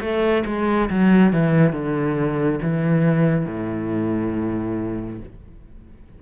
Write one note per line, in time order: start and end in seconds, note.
0.00 0.43 A3
0.46 0.89 G#3
0.89 1.32 F#3
1.32 1.72 E3
1.72 2.59 D3
2.62 3.45 E3
3.45 5.19 A2